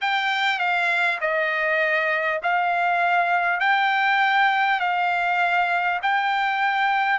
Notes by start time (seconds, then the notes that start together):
0.01 G5
0.58 F5
1.20 D#5
2.43 F5
3.59 G5
4.79 F5
6.02 G5